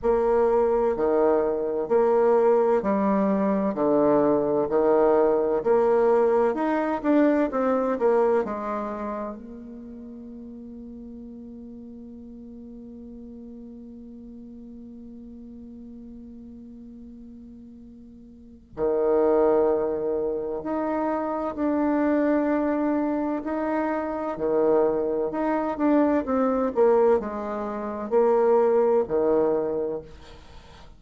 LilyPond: \new Staff \with { instrumentName = "bassoon" } { \time 4/4 \tempo 4 = 64 ais4 dis4 ais4 g4 | d4 dis4 ais4 dis'8 d'8 | c'8 ais8 gis4 ais2~ | ais1~ |
ais1 | dis2 dis'4 d'4~ | d'4 dis'4 dis4 dis'8 d'8 | c'8 ais8 gis4 ais4 dis4 | }